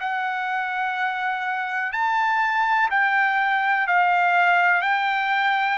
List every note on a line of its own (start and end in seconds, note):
0.00 1.93 F#5
1.93 2.89 A5
2.91 3.88 G5
3.88 4.82 F5
4.82 5.78 G5